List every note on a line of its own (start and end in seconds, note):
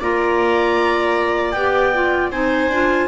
0.00 1.54 A#3
0.00 1.55 F4
0.00 2.31 D5
0.00 1.51 A#5
1.51 2.30 B3
1.51 1.94 G4
1.51 2.28 G5
1.94 2.32 F4
2.30 2.69 C4
2.30 2.70 D#4
2.30 3.08 C5
2.30 3.08 G#5
2.69 3.07 D4
2.69 3.08 F4